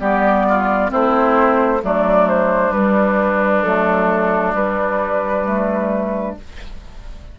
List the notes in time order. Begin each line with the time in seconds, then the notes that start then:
0.00 G3 B3 G4 D5
0.49 F4
0.89 A3 C4 E4 C5
1.82 F#3 A3 D4 D5
2.29 C5
2.71 G3 B4
3.63 F#3 A3 A4
4.54 G3 B4
5.45 A3